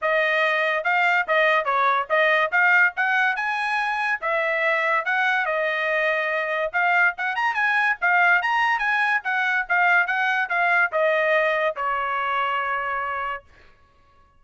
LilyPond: \new Staff \with { instrumentName = "trumpet" } { \time 4/4 \tempo 4 = 143 dis''2 f''4 dis''4 | cis''4 dis''4 f''4 fis''4 | gis''2 e''2 | fis''4 dis''2. |
f''4 fis''8 ais''8 gis''4 f''4 | ais''4 gis''4 fis''4 f''4 | fis''4 f''4 dis''2 | cis''1 | }